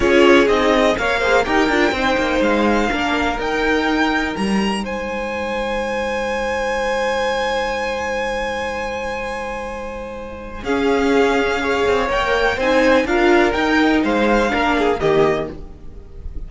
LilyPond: <<
  \new Staff \with { instrumentName = "violin" } { \time 4/4 \tempo 4 = 124 cis''4 dis''4 f''4 g''4~ | g''4 f''2 g''4~ | g''4 ais''4 gis''2~ | gis''1~ |
gis''1~ | gis''2 f''2~ | f''4 g''4 gis''4 f''4 | g''4 f''2 dis''4 | }
  \new Staff \with { instrumentName = "violin" } { \time 4/4 gis'2 cis''8 c''8 ais'4 | c''2 ais'2~ | ais'2 c''2~ | c''1~ |
c''1~ | c''2 gis'2 | cis''2 c''4 ais'4~ | ais'4 c''4 ais'8 gis'8 g'4 | }
  \new Staff \with { instrumentName = "viola" } { \time 4/4 f'4 dis'4 ais'8 gis'8 g'8 f'8 | dis'2 d'4 dis'4~ | dis'1~ | dis'1~ |
dis'1~ | dis'2 cis'2 | gis'4 ais'4 dis'4 f'4 | dis'2 d'4 ais4 | }
  \new Staff \with { instrumentName = "cello" } { \time 4/4 cis'4 c'4 ais4 dis'8 d'8 | c'8 ais8 gis4 ais4 dis'4~ | dis'4 g4 gis2~ | gis1~ |
gis1~ | gis2 cis'2~ | cis'8 c'8 ais4 c'4 d'4 | dis'4 gis4 ais4 dis4 | }
>>